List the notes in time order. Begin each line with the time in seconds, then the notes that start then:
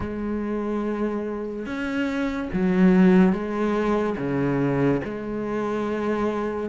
0.00 G#3
1.66 C#4
2.53 F#3
3.33 G#3
4.17 C#3
5.04 G#3